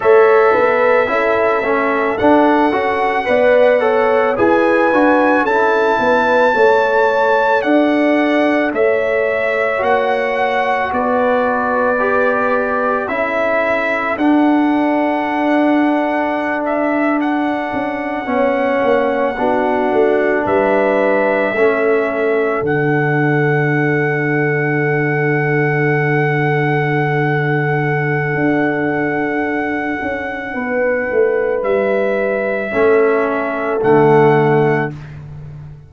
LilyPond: <<
  \new Staff \with { instrumentName = "trumpet" } { \time 4/4 \tempo 4 = 55 e''2 fis''2 | gis''4 a''2 fis''4 | e''4 fis''4 d''2 | e''4 fis''2~ fis''16 e''8 fis''16~ |
fis''2~ fis''8. e''4~ e''16~ | e''8. fis''2.~ fis''16~ | fis''1~ | fis''4 e''2 fis''4 | }
  \new Staff \with { instrumentName = "horn" } { \time 4/4 cis''8 b'8 a'2 d''8 cis''8 | b'4 a'8 b'8 cis''4 d''4 | cis''2 b'2 | a'1~ |
a'8. cis''4 fis'4 b'4 a'16~ | a'1~ | a'1 | b'2 a'2 | }
  \new Staff \with { instrumentName = "trombone" } { \time 4/4 a'4 e'8 cis'8 d'8 fis'8 b'8 a'8 | gis'8 fis'8 e'4 a'2~ | a'4 fis'2 g'4 | e'4 d'2.~ |
d'8. cis'4 d'2 cis'16~ | cis'8. d'2.~ d'16~ | d'1~ | d'2 cis'4 a4 | }
  \new Staff \with { instrumentName = "tuba" } { \time 4/4 a8 b8 cis'8 a8 d'8 cis'8 b4 | e'8 d'8 cis'8 b8 a4 d'4 | a4 ais4 b2 | cis'4 d'2.~ |
d'16 cis'8 b8 ais8 b8 a8 g4 a16~ | a8. d2.~ d16~ | d2 d'4. cis'8 | b8 a8 g4 a4 d4 | }
>>